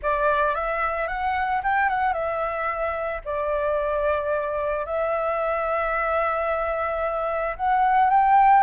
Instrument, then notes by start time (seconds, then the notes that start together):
flute
0.02 D5
0.55 E5
1.07 F#5
1.63 G5
1.89 F#5
2.13 E5
3.25 D5
4.85 E5
7.56 F#5
8.10 G5